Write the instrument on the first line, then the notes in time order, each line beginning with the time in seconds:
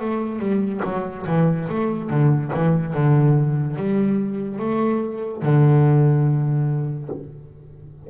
double bass
0.00 A3
0.39 G3
0.84 F#3
1.26 E3
1.69 A3
2.10 D3
2.53 E3
2.93 D3
3.77 G3
4.59 A3
5.42 D3